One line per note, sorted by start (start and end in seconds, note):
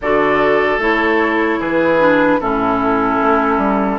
0.01 0.78 D3
0.01 0.80 F#4
0.01 1.59 A4
0.01 0.81 D5
0.78 1.58 A3
0.78 1.99 E4
0.78 1.60 C#5
1.59 2.39 E3
1.59 2.39 G#4
1.59 2.40 B4
1.99 2.39 D4
2.40 3.20 A2
2.40 3.98 C#4
2.40 3.98 E4
2.40 3.98 A4
3.21 3.57 A3
3.57 3.97 G3